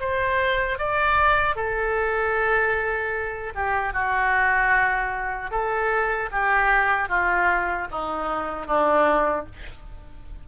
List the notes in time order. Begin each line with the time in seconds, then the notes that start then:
0.00 C5
0.79 D5
1.56 A4
3.55 G4
3.93 F#4
5.51 A4
6.32 G4
7.09 F4
7.92 D#4
8.67 D4